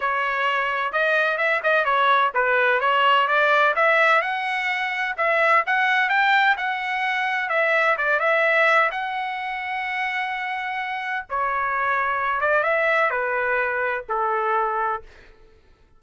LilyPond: \new Staff \with { instrumentName = "trumpet" } { \time 4/4 \tempo 4 = 128 cis''2 dis''4 e''8 dis''8 | cis''4 b'4 cis''4 d''4 | e''4 fis''2 e''4 | fis''4 g''4 fis''2 |
e''4 d''8 e''4. fis''4~ | fis''1 | cis''2~ cis''8 d''8 e''4 | b'2 a'2 | }